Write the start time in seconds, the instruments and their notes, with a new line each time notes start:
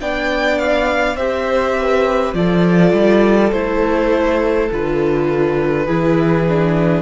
0.00 cello B3, viola D4, violin D5 G5
0.59 violin F5
1.17 cello C4, viola G4, violin C5 E5
1.80 violin B4
2.34 cello F3, viola F4, violin A4 D5
2.93 cello G3
3.52 cello A3, viola E4, violin C5
4.72 cello D3, viola F4, violin B4
5.86 cello E3, viola E4, violin G#4
6.49 viola D4